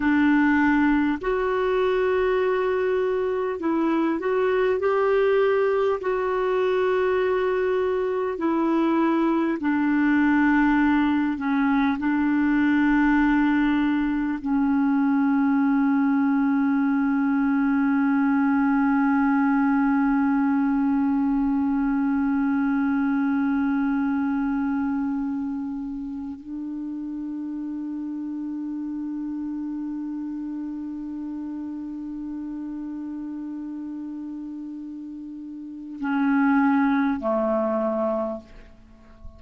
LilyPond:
\new Staff \with { instrumentName = "clarinet" } { \time 4/4 \tempo 4 = 50 d'4 fis'2 e'8 fis'8 | g'4 fis'2 e'4 | d'4. cis'8 d'2 | cis'1~ |
cis'1~ | cis'2 d'2~ | d'1~ | d'2 cis'4 a4 | }